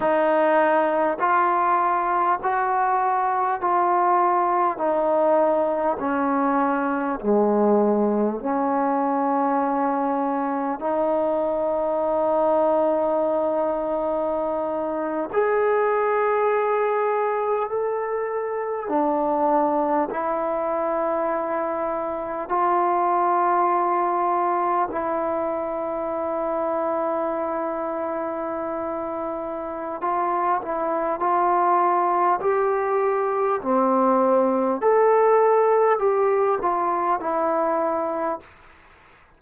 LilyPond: \new Staff \with { instrumentName = "trombone" } { \time 4/4 \tempo 4 = 50 dis'4 f'4 fis'4 f'4 | dis'4 cis'4 gis4 cis'4~ | cis'4 dis'2.~ | dis'8. gis'2 a'4 d'16~ |
d'8. e'2 f'4~ f'16~ | f'8. e'2.~ e'16~ | e'4 f'8 e'8 f'4 g'4 | c'4 a'4 g'8 f'8 e'4 | }